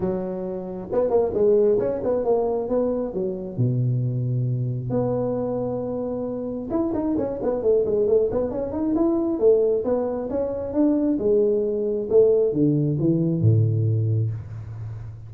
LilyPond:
\new Staff \with { instrumentName = "tuba" } { \time 4/4 \tempo 4 = 134 fis2 b8 ais8 gis4 | cis'8 b8 ais4 b4 fis4 | b,2. b4~ | b2. e'8 dis'8 |
cis'8 b8 a8 gis8 a8 b8 cis'8 dis'8 | e'4 a4 b4 cis'4 | d'4 gis2 a4 | d4 e4 a,2 | }